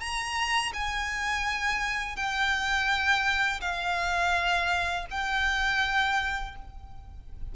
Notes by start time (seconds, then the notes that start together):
0.00 A#5
0.74 G#5
2.16 G5
3.61 F5
5.11 G5